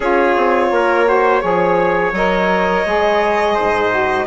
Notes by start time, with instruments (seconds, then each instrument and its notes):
0.00 bassoon C#4, saxophone F4, trumpet G#4, violin C#5
0.36 bassoon C4
0.70 bassoon A#3, trumpet A#4
1.05 saxophone F#4, trumpet C5
1.40 bassoon F3, saxophone G#4, trumpet C#5
2.12 bassoon F#3, saxophone A#4, violin D#5
2.85 bassoon G#3, saxophone G#4
3.54 bassoon G#2, trumpet C5
3.90 saxophone F#4